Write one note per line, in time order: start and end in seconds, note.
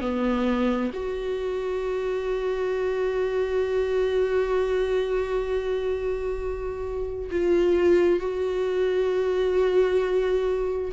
0.00 0.91 B3
0.93 7.30 F#4
7.31 8.19 F4
8.19 10.92 F#4